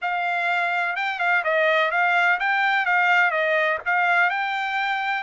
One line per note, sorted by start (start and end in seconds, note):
0.01 0.96 F5
0.96 1.19 G5
1.19 1.43 F5
1.44 1.91 D#5
1.91 2.39 F5
2.39 2.85 G5
2.85 3.31 F5
3.31 3.78 D#5
3.85 4.30 F5
4.30 5.23 G5